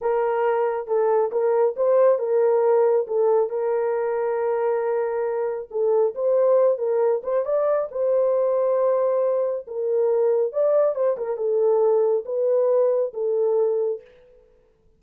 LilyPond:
\new Staff \with { instrumentName = "horn" } { \time 4/4 \tempo 4 = 137 ais'2 a'4 ais'4 | c''4 ais'2 a'4 | ais'1~ | ais'4 a'4 c''4. ais'8~ |
ais'8 c''8 d''4 c''2~ | c''2 ais'2 | d''4 c''8 ais'8 a'2 | b'2 a'2 | }